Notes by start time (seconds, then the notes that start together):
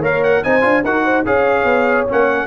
0.00 A#3 A#4 C#5 F5
0.23 F#5
0.43 C4 D#4 C5 G#5
0.61 D4 F4
0.84 D#4 F#4 A#4 F#5
1.04 C5
1.25 C#4 G#4 C#5 F5
1.64 B3
2.07 A#3 C#4 F#5